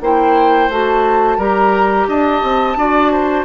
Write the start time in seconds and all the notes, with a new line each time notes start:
0.00 A#3 E4 C5 G5
0.69 A3 F#4 A5
1.37 G3 G4 A#4 A#5
2.07 D4 D#5 A5
2.42 C4
2.75 D4 F#4 D5
3.12 C5